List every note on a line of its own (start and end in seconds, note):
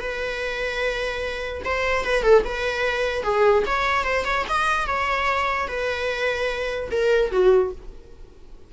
0.00 1.62 B4
1.65 2.05 C5
2.05 2.23 B4
2.23 2.43 A4
2.45 3.23 B4
3.23 3.64 G#4
3.66 4.04 C#5
4.04 4.25 C5
4.25 4.45 C#5
4.49 4.87 D#5
4.87 5.68 C#5
5.68 6.90 B4
6.91 7.31 A#4
7.31 7.72 F#4